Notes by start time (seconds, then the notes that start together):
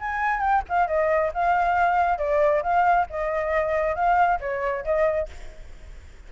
0.00 G#5
0.41 G5
0.69 F5
0.88 D#5
1.34 F5
2.19 D5
2.63 F5
3.10 D#5
3.96 F5
4.41 C#5
4.85 D#5